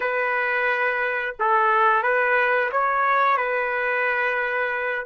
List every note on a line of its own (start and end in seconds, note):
0.00 1.35 B4
1.39 2.02 A4
2.02 2.70 B4
2.71 3.37 C#5
3.37 5.05 B4